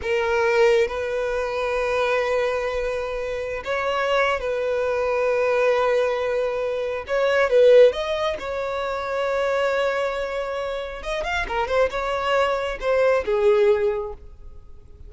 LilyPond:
\new Staff \with { instrumentName = "violin" } { \time 4/4 \tempo 4 = 136 ais'2 b'2~ | b'1~ | b'16 cis''4.~ cis''16 b'2~ | b'1 |
cis''4 b'4 dis''4 cis''4~ | cis''1~ | cis''4 dis''8 f''8 ais'8 c''8 cis''4~ | cis''4 c''4 gis'2 | }